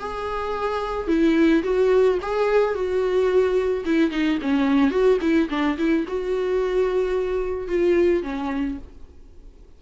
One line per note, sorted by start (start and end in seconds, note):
0.00 1.08 G#4
1.08 1.63 E4
1.64 2.19 F#4
2.22 2.75 G#4
2.75 3.85 F#4
3.85 4.11 E4
4.11 4.39 D#4
4.42 4.91 C#4
4.91 5.18 F#4
5.22 5.49 E4
5.50 5.77 D4
5.78 6.06 E4
6.08 7.68 F#4
7.68 8.23 F4
8.23 8.78 C#4